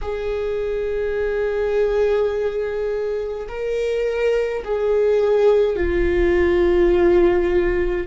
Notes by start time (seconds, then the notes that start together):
0.01 G#4
3.48 A#4
4.64 G#4
5.76 F4